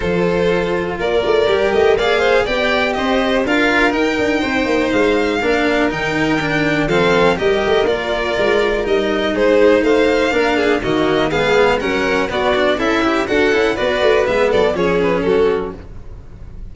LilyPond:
<<
  \new Staff \with { instrumentName = "violin" } { \time 4/4 \tempo 4 = 122 c''2 d''4. dis''8 | f''4 g''4 dis''4 f''4 | g''2 f''2 | g''2 f''4 dis''4 |
d''2 dis''4 c''4 | f''2 dis''4 f''4 | fis''4 d''4 e''4 fis''4 | d''4 e''8 d''8 cis''8 b'8 a'4 | }
  \new Staff \with { instrumentName = "violin" } { \time 4/4 a'2 ais'2 | d''8 c''8 d''4 c''4 ais'4~ | ais'4 c''2 ais'4~ | ais'2 a'4 ais'4~ |
ais'2. gis'4 | c''4 ais'8 gis'8 fis'4 gis'4 | ais'4 fis'4 e'4 a'4 | b'4. a'8 gis'4 fis'4 | }
  \new Staff \with { instrumentName = "cello" } { \time 4/4 f'2. g'4 | gis'4 g'2 f'4 | dis'2. d'4 | dis'4 d'4 c'4 g'4 |
f'2 dis'2~ | dis'4 d'4 ais4 b4 | cis'4 b8 d'8 a'8 g'8 fis'8 e'8 | fis'4 b4 cis'2 | }
  \new Staff \with { instrumentName = "tuba" } { \time 4/4 f2 ais8 a8 g8 a8 | ais4 b4 c'4 d'4 | dis'8 d'8 c'8 ais8 gis4 ais4 | dis2 f4 g8 a8 |
ais4 gis4 g4 gis4 | a4 ais4 dis4 gis4 | fis4 b4 cis'4 d'8 cis'8 | b8 a8 gis8 fis8 f4 fis4 | }
>>